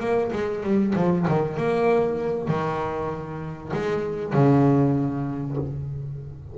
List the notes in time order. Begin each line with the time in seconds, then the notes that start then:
0.00 A#3
0.32 G#3
0.63 G3
0.95 F3
1.28 D#3
1.57 A#3
2.48 D#3
3.73 G#3
4.33 C#3